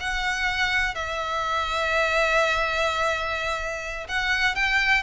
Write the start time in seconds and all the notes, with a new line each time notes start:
0.00 F#5
0.95 E5
4.08 F#5
4.55 G5